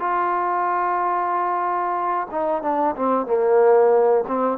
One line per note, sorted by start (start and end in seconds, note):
0.00 2.28 F4
2.31 2.63 D#4
2.63 2.96 D4
2.96 3.27 C4
3.27 4.25 A#3
4.28 4.59 C4